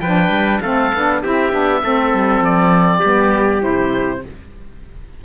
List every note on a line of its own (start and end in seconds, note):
0.00 0.29 F3
0.00 0.64 D4
0.00 0.61 B4
0.00 0.60 G5
0.29 0.59 G3
0.60 0.91 A3
0.60 0.94 C4
0.60 1.22 A4
0.60 1.20 F5
0.94 1.24 B3
0.94 1.24 D4
1.22 1.53 C4
1.22 1.51 E4
1.22 1.82 G4
1.22 2.44 E5
1.51 1.83 B3
1.51 1.81 D4
1.82 2.13 A3
1.82 3.02 C4
1.82 2.99 A4
2.13 2.40 G3
2.40 3.00 F3
2.40 3.62 D5
2.99 3.63 G3
2.99 3.60 B3
2.99 4.19 G4
3.60 4.24 C3
3.60 4.20 E4
3.60 4.22 C5